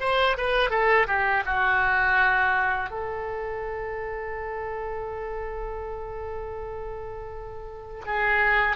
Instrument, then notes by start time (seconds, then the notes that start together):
oboe
0.00 C5
0.37 B4
0.70 A4
1.07 G4
1.46 F#4
2.90 A4
8.06 G#4